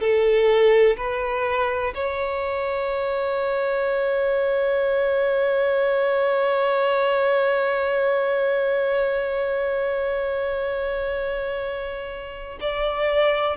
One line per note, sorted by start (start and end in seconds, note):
0.00 0.97 A4
0.97 1.94 B4
1.94 12.59 C#5
12.61 13.57 D5